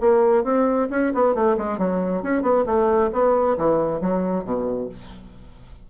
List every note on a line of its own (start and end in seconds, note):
0.00 0.44 A#3
0.44 0.88 C4
0.90 1.13 C#4
1.14 1.34 B3
1.34 1.57 A3
1.57 1.78 G#3
1.78 2.22 F#3
2.22 2.42 C#4
2.42 2.64 B3
2.66 3.10 A3
3.13 3.57 B3
3.57 4.00 E3
4.00 4.44 F#3
4.44 4.88 B2